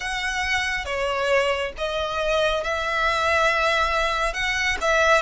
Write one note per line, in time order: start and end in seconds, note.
0.00 0.85 F#5
0.85 1.72 C#5
1.77 2.63 D#5
2.63 4.33 E5
4.33 4.77 F#5
4.81 5.21 E5